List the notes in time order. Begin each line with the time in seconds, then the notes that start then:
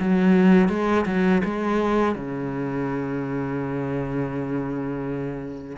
0.00 F#3
0.69 G#3
1.05 F#3
1.44 G#3
2.15 C#3